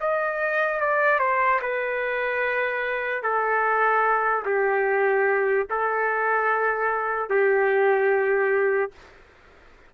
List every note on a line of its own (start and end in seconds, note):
0.00 0.80 D#5
0.80 1.19 D5
1.19 1.60 C5
1.61 3.22 B4
3.22 4.44 A4
4.45 5.67 G4
5.70 7.29 A4
7.29 8.92 G4